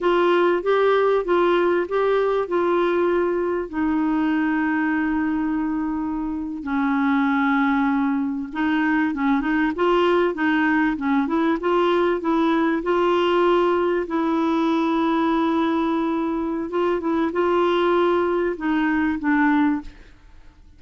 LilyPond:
\new Staff \with { instrumentName = "clarinet" } { \time 4/4 \tempo 4 = 97 f'4 g'4 f'4 g'4 | f'2 dis'2~ | dis'2~ dis'8. cis'4~ cis'16~ | cis'4.~ cis'16 dis'4 cis'8 dis'8 f'16~ |
f'8. dis'4 cis'8 e'8 f'4 e'16~ | e'8. f'2 e'4~ e'16~ | e'2. f'8 e'8 | f'2 dis'4 d'4 | }